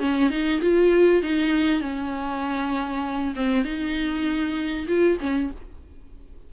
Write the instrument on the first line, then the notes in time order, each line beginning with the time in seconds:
viola
0.00 C#4
0.31 D#4
0.62 F4
1.23 D#4
1.81 C#4
3.36 C4
3.65 D#4
4.88 F4
5.21 C#4